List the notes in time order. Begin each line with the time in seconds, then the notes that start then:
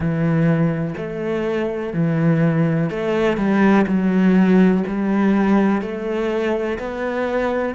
0.00 E3
0.97 A3
1.93 E3
2.90 A3
3.37 G3
3.86 F#3
4.87 G3
5.81 A3
6.78 B3